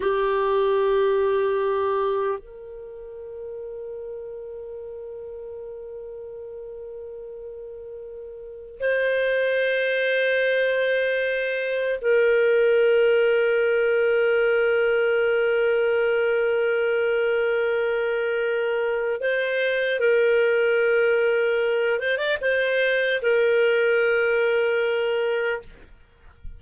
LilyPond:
\new Staff \with { instrumentName = "clarinet" } { \time 4/4 \tempo 4 = 75 g'2. ais'4~ | ais'1~ | ais'2. c''4~ | c''2. ais'4~ |
ais'1~ | ais'1 | c''4 ais'2~ ais'8 c''16 d''16 | c''4 ais'2. | }